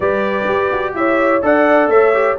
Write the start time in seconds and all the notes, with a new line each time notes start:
0.00 G3 G4 B4 D5
0.47 G4
0.72 F#4
0.94 E4 C#5 E5
1.41 D4 A4 D5 F#5
1.88 A3 C#5 E5
2.13 G4